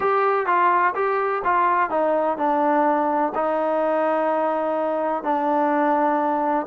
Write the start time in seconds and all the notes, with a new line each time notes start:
0.00 G4
0.46 F4
0.94 G4
1.44 F4
1.90 D#4
2.37 D4
3.34 D#4
5.23 D4